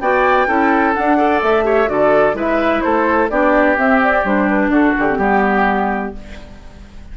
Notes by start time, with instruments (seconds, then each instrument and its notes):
0.00 bassoon B3, clarinet F#4, oboe D5, flute G5
0.47 bassoon C#4, clarinet E4, oboe A4
0.94 clarinet D4, bassoon D4, flute F#5
1.17 clarinet A4, oboe D5
1.42 bassoon A3, flute E5
1.64 clarinet G4, oboe C#5
1.86 bassoon D3, clarinet F#4, oboe A4, flute D5
2.34 bassoon G#3, clarinet E4, oboe B4, flute E5
2.81 bassoon A3, oboe A4, flute C5
3.30 bassoon B3, clarinet D4, oboe G4, flute D5
3.76 clarinet C4, bassoon C4, flute E5
4.03 flute D5
4.24 bassoon G3, clarinet D4, flute C5
4.49 flute B4
4.69 bassoon D4, oboe F#4, flute A4
4.98 bassoon D3, flute G4
5.09 clarinet C4
5.17 bassoon G3, clarinet B3, oboe G4